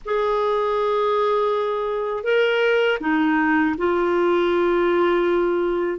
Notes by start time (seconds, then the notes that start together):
0.05 G#4
2.23 A#4
3.00 D#4
3.77 F4